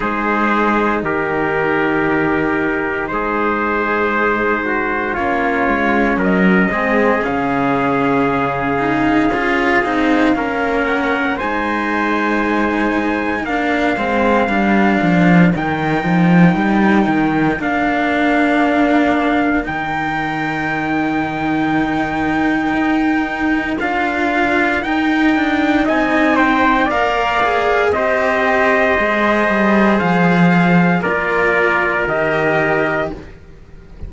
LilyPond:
<<
  \new Staff \with { instrumentName = "trumpet" } { \time 4/4 \tempo 4 = 58 c''4 ais'2 c''4~ | c''4 cis''4 dis''4 f''4~ | f''2~ f''8 fis''8 gis''4~ | gis''4 f''2 g''4~ |
g''4 f''2 g''4~ | g''2. f''4 | g''4 gis''8 g''8 f''4 dis''4~ | dis''4 f''4 d''4 dis''4 | }
  \new Staff \with { instrumentName = "trumpet" } { \time 4/4 gis'4 g'2 gis'4~ | gis'8 fis'8 f'4 ais'8 gis'4.~ | gis'2 ais'4 c''4~ | c''4 ais'2.~ |
ais'1~ | ais'1~ | ais'4 dis''8 c''8 d''4 c''4~ | c''2 ais'2 | }
  \new Staff \with { instrumentName = "cello" } { \time 4/4 dis'1~ | dis'4 cis'4. c'8 cis'4~ | cis'8 dis'8 f'8 dis'8 cis'4 dis'4~ | dis'4 d'8 c'8 d'4 dis'4~ |
dis'4 d'2 dis'4~ | dis'2. f'4 | dis'2 ais'8 gis'8 g'4 | gis'2 f'4 g'4 | }
  \new Staff \with { instrumentName = "cello" } { \time 4/4 gis4 dis2 gis4~ | gis4 ais8 gis8 fis8 gis8 cis4~ | cis4 cis'8 c'8 ais4 gis4~ | gis4 ais8 gis8 g8 f8 dis8 f8 |
g8 dis8 ais2 dis4~ | dis2 dis'4 d'4 | dis'8 d'8 c'4 ais4 c'4 | gis8 g8 f4 ais4 dis4 | }
>>